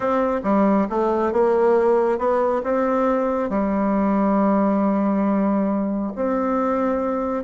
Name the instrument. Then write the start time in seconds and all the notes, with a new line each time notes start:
bassoon
0.00 C4
0.43 G3
0.89 A3
1.32 A#3
2.18 B3
2.63 C4
3.49 G3
6.15 C4